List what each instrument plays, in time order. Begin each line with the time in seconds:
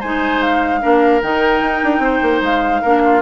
0.00 bassoon G#3, clarinet D#4, oboe C5, flute G#5
0.42 flute F5
0.81 bassoon A#3, clarinet D4, oboe A#4
1.22 bassoon D#3, clarinet D#4, flute G5
1.62 bassoon D#4
1.84 bassoon D4
1.99 bassoon C4, oboe C5
2.22 bassoon A#3
2.42 bassoon G#3, flute F5
2.82 bassoon A#3, clarinet D4, oboe A#4
3.05 oboe F4